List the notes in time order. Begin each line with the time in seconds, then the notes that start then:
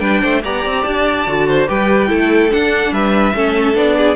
0.00 G3 D4 B4 G5
0.22 A3 C5
0.44 B3 G4 D5 A#5
0.66 C4
0.84 D4 A5
1.27 D3 F#4
1.48 C5
1.67 G3 G4 B4 G5
2.08 A3 E4 A4
2.51 D4 F#5
2.92 G3 B4 E5
3.35 A3 C#4 A4
3.74 B3 D4 D5
3.97 G#4